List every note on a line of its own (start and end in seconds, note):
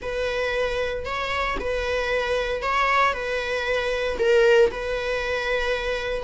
0.02 1.05 B4
1.05 1.57 C#5
1.59 2.62 B4
2.62 3.13 C#5
3.13 4.17 B4
4.18 4.71 A#4
4.71 6.23 B4